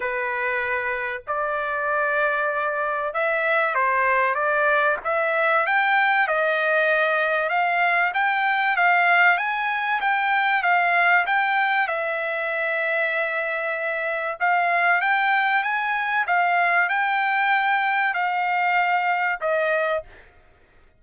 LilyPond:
\new Staff \with { instrumentName = "trumpet" } { \time 4/4 \tempo 4 = 96 b'2 d''2~ | d''4 e''4 c''4 d''4 | e''4 g''4 dis''2 | f''4 g''4 f''4 gis''4 |
g''4 f''4 g''4 e''4~ | e''2. f''4 | g''4 gis''4 f''4 g''4~ | g''4 f''2 dis''4 | }